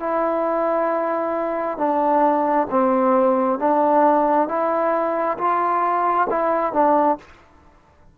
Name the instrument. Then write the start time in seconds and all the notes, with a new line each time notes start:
trombone
0.00 E4
1.78 D4
2.70 C4
3.59 D4
4.48 E4
5.38 F4
6.30 E4
6.73 D4